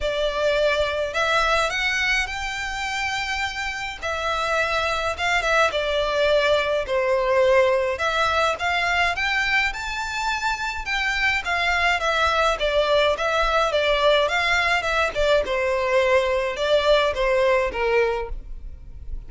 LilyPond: \new Staff \with { instrumentName = "violin" } { \time 4/4 \tempo 4 = 105 d''2 e''4 fis''4 | g''2. e''4~ | e''4 f''8 e''8 d''2 | c''2 e''4 f''4 |
g''4 a''2 g''4 | f''4 e''4 d''4 e''4 | d''4 f''4 e''8 d''8 c''4~ | c''4 d''4 c''4 ais'4 | }